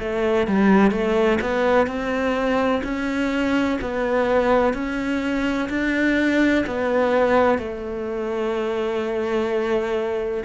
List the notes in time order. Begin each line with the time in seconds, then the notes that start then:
0.00 A3
0.48 G3
0.91 A3
1.42 B3
1.87 C4
2.84 C#4
3.81 B3
4.74 C#4
5.70 D4
6.67 B3
7.58 A3